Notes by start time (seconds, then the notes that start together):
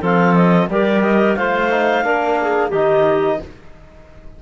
0.00 F3 C4 A4 F5
0.35 D#5
0.69 G3 G4 A#4 D5
1.03 D#5
1.35 A3 F4 C5 F5
1.71 D#4
2.03 A#3 D4 A#4
2.41 G#4
2.70 D#3 D#4 G4 D#5